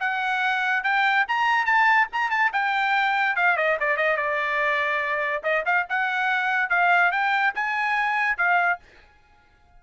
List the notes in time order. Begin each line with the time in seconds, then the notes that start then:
0.00 F#5
0.84 G5
1.28 A#5
1.66 A5
2.12 A#5
2.30 A5
2.53 G5
3.36 F5
3.57 D#5
3.80 D5
3.97 D#5
4.17 D5
5.43 D#5
5.65 F5
5.89 F#5
6.70 F5
7.12 G5
7.55 G#5
8.37 F5